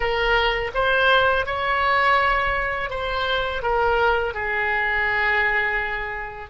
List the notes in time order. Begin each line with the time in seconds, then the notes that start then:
0.00 A#4
0.74 C5
1.46 C#5
2.89 C5
3.62 A#4
4.34 G#4